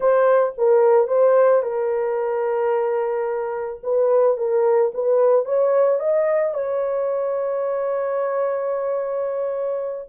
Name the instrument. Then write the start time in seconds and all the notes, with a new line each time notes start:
horn
0.00 C5
0.57 A#4
1.07 C5
1.62 A#4
3.83 B4
4.37 A#4
4.94 B4
5.45 C#5
5.99 D#5
6.54 C#5